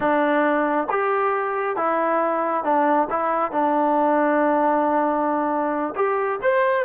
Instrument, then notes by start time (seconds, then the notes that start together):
trombone
0.00 D4
0.89 G4
1.76 E4
2.64 D4
3.09 E4
3.51 D4
5.95 G4
6.42 C5